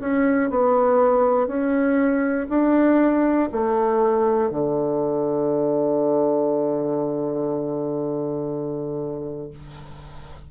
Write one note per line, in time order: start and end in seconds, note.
0.00 0.50 C#4
0.50 1.48 B3
1.48 2.48 C#4
2.50 3.50 D4
3.52 4.50 A3
4.50 9.50 D3